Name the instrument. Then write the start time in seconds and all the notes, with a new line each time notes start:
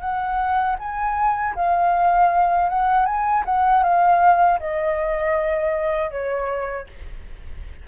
flute
0.00 F#5
0.79 G#5
1.55 F5
2.69 F#5
3.06 G#5
3.45 F#5
3.83 F5
4.59 D#5
6.11 C#5